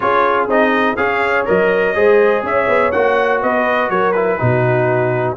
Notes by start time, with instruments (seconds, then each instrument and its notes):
0.00 tuba C#4, trombone F4, horn G#4, trumpet C#5
0.47 tuba C4, trombone D#4, trumpet D#5
0.96 tuba C#4, trombone G#4, horn C#5, trumpet F5
1.45 tuba F#3, trombone A#4, trumpet D#5
1.95 tuba G#3, trombone G#4, horn C5
2.42 tuba C#4, horn C#5, trumpet E5
2.68 tuba B3
2.91 tuba A#3, trombone F#4, trumpet F#5
3.41 tuba B3, horn B4, trumpet D#5
3.90 tuba F#3, horn A#4, trumpet C#5
4.12 trombone E4, trumpet B4
4.38 tuba B2, trombone D#4, horn F#4